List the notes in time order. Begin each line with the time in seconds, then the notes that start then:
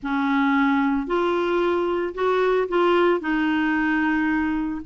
0.02 C#4
1.06 F4
2.14 F#4
2.68 F4
3.20 D#4